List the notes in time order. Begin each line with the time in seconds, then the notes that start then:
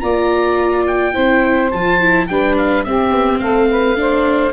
0.00 A#3 F4 D5 A#5
0.87 G5
1.14 C4 E4 C5
1.71 F3 F4 A5
2.01 E4
2.27 G3 D4 B4 G5
2.58 F5
2.84 C4 G4 E5
3.12 B3
3.39 A3 A4 F5
3.70 B4
3.96 D4 C5